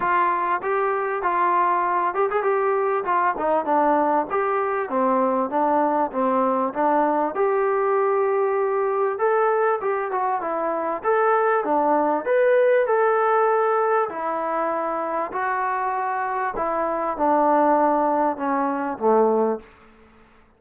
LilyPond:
\new Staff \with { instrumentName = "trombone" } { \time 4/4 \tempo 4 = 98 f'4 g'4 f'4. g'16 gis'16 | g'4 f'8 dis'8 d'4 g'4 | c'4 d'4 c'4 d'4 | g'2. a'4 |
g'8 fis'8 e'4 a'4 d'4 | b'4 a'2 e'4~ | e'4 fis'2 e'4 | d'2 cis'4 a4 | }